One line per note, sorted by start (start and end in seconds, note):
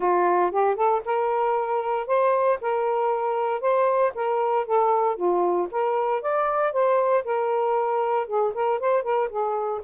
0.00 0.51 F4
0.51 0.75 G4
0.75 1.01 A4
1.05 2.07 A#4
2.07 2.58 C5
2.61 3.60 A#4
3.60 4.12 C5
4.14 4.66 A#4
4.66 5.16 A4
5.16 5.68 F4
5.71 6.21 A#4
6.21 6.72 D5
6.72 7.24 C5
7.24 8.26 A#4
8.26 8.52 G#4
8.53 8.79 A#4
8.79 9.02 C5
9.02 9.28 A#4
9.29 9.81 G#4